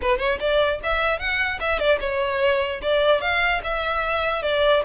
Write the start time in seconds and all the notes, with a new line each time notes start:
0.01 B4
0.18 C#5
0.40 D5
0.83 E5
1.19 F#5
1.60 E5
1.79 D5
2.00 C#5
2.82 D5
3.21 F5
3.63 E5
4.42 D5